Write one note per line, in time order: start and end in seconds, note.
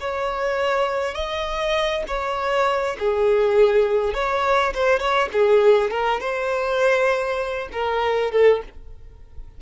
0.00 1.14 C#5
1.14 2.03 D#5
2.07 2.96 C#5
2.99 4.14 G#4
4.14 4.73 C#5
4.74 4.99 C5
4.99 5.29 C#5
5.32 5.90 G#4
5.90 6.20 A#4
6.20 7.68 C5
7.72 8.31 A#4
8.31 8.61 A4